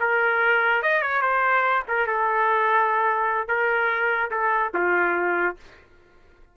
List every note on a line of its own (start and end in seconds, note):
0.00 0.82 A#4
0.82 1.02 D#5
1.02 1.21 C#5
1.21 1.83 C5
1.88 2.07 A#4
2.07 3.48 A4
3.48 4.30 A#4
4.31 4.72 A4
4.74 5.56 F4